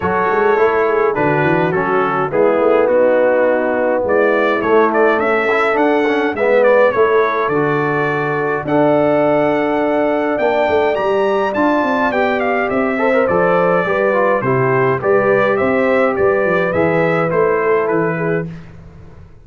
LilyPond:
<<
  \new Staff \with { instrumentName = "trumpet" } { \time 4/4 \tempo 4 = 104 cis''2 b'4 a'4 | gis'4 fis'2 d''4 | cis''8 d''8 e''4 fis''4 e''8 d''8 | cis''4 d''2 fis''4~ |
fis''2 g''4 ais''4 | a''4 g''8 f''8 e''4 d''4~ | d''4 c''4 d''4 e''4 | d''4 e''4 c''4 b'4 | }
  \new Staff \with { instrumentName = "horn" } { \time 4/4 a'4. gis'8 fis'2 | e'4 dis'2 e'4~ | e'4 a'2 b'4 | a'2. d''4~ |
d''1~ | d''2~ d''8 c''4. | b'4 g'4 b'4 c''4 | b'2~ b'8 a'4 gis'8 | }
  \new Staff \with { instrumentName = "trombone" } { \time 4/4 fis'4 e'4 d'4 cis'4 | b1 | a4. e'8 d'8 cis'8 b4 | e'4 fis'2 a'4~ |
a'2 d'4 g'4 | f'4 g'4. a'16 ais'16 a'4 | g'8 f'8 e'4 g'2~ | g'4 gis'4 e'2 | }
  \new Staff \with { instrumentName = "tuba" } { \time 4/4 fis8 gis8 a4 d8 e8 fis4 | gis8 a8 b2 gis4 | a4 cis'4 d'4 gis4 | a4 d2 d'4~ |
d'2 ais8 a8 g4 | d'8 c'8 b4 c'4 f4 | g4 c4 g4 c'4 | g8 f8 e4 a4 e4 | }
>>